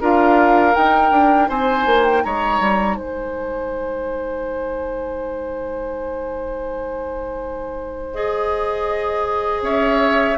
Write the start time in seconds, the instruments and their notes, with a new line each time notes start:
0.00 bassoon D4, clarinet F4, oboe A#4, flute F5
0.74 clarinet D#4, bassoon D#4, flute G5
1.11 bassoon D4
1.48 bassoon C4, oboe C5, flute G#5
1.86 bassoon A#3
2.05 flute G5
2.23 bassoon G#3, oboe C#5, flute A#5
2.60 bassoon G3
2.96 bassoon G#3, oboe C5, flute G#5
8.13 clarinet G#4, flute D#5
9.61 bassoon C#4, oboe C#5, flute E5